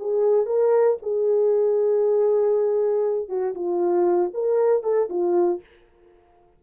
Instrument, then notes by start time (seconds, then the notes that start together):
horn
0.00 G#4
0.46 A#4
1.03 G#4
3.29 F#4
3.55 F4
4.34 A#4
4.83 A4
5.10 F4